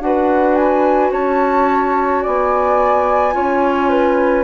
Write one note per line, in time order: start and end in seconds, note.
0.00 1.11 D4
0.00 3.32 F#4
0.00 1.11 B4
0.00 0.55 F#5
0.55 1.11 G#5
1.11 2.23 C#4
1.11 2.22 C#5
1.11 2.22 A5
2.22 3.35 B3
2.22 3.34 D5
2.22 4.43 G#5
3.32 4.43 C#4
3.32 4.43 F4
3.32 3.90 C#5
3.90 4.43 B4